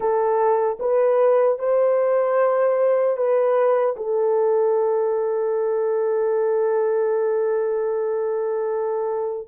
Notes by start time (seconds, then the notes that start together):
0.00 A4
0.79 B4
1.59 C5
3.17 B4
3.96 A4